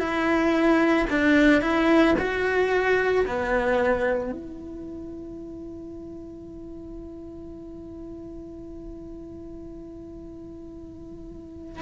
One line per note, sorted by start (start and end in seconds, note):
0.00 1.07 E4
1.11 1.62 D4
1.62 2.15 E4
2.19 3.26 F#4
3.27 4.32 B3
4.32 11.82 E4